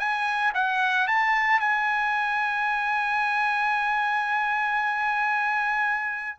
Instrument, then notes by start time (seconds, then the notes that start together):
trumpet
0.00 G#5
0.55 F#5
1.08 A5
1.60 G#5